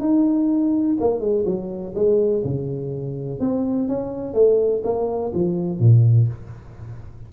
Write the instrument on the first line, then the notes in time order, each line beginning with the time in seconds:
tuba
0.00 D#4
1.00 A#3
1.20 G#3
1.45 F#3
1.94 G#3
2.44 C#3
3.40 C4
3.88 C#4
4.34 A3
4.84 A#3
5.34 F3
5.79 A#2